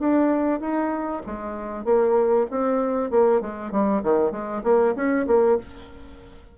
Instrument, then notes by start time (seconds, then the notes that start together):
bassoon
0.00 D4
0.61 D#4
1.27 G#3
1.85 A#3
2.51 C4
3.11 A#3
3.42 G#3
3.72 G3
4.03 D#3
4.32 G#3
4.64 A#3
4.96 C#4
5.27 A#3